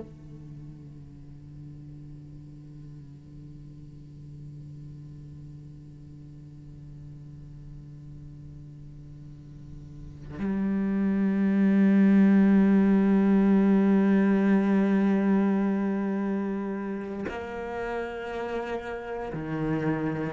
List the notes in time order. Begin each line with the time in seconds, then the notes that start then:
0.00 D3
10.39 G3
17.28 A#3
19.33 D#3